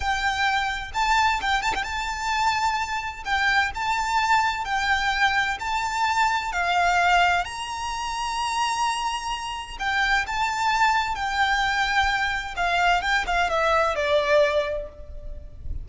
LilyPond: \new Staff \with { instrumentName = "violin" } { \time 4/4 \tempo 4 = 129 g''2 a''4 g''8 a''16 g''16 | a''2. g''4 | a''2 g''2 | a''2 f''2 |
ais''1~ | ais''4 g''4 a''2 | g''2. f''4 | g''8 f''8 e''4 d''2 | }